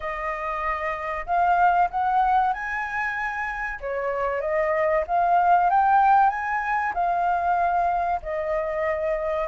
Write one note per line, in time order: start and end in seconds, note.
0.00 1.25 D#5
1.26 1.89 F5
1.90 2.53 F#5
2.53 3.79 G#5
3.80 4.40 C#5
4.40 5.04 D#5
5.07 5.70 F5
5.70 6.29 G5
6.29 6.92 G#5
6.94 8.20 F5
8.22 9.47 D#5